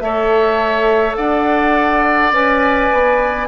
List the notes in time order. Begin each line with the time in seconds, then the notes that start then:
0.00 A3 A4 C#5 E5
1.17 D4 D5 F#5
2.32 C#4 B4 G#5
2.93 B3